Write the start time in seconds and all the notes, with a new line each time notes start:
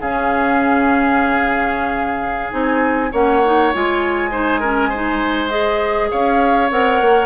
0.00 C#3 C#4 G#4 F5
2.51 C4 D#4 G#5
3.11 A#3 C#4 C#5 F#5
3.45 D#4
3.74 G#3 F4 G#5
4.31 D#4 C5
4.60 C#4 A#4
4.89 D#4 C5
5.49 G#4 D#5
6.11 C#4 C#5 F5
6.71 C4 A#4 F#5
7.01 A#3